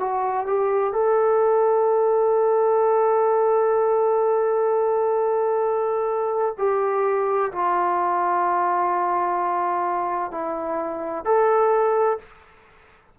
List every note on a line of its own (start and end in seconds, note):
0.00 0.47 F#4
0.47 0.93 G4
0.93 6.56 A4
6.58 7.52 G4
7.53 10.32 F4
10.32 11.25 E4
11.25 12.19 A4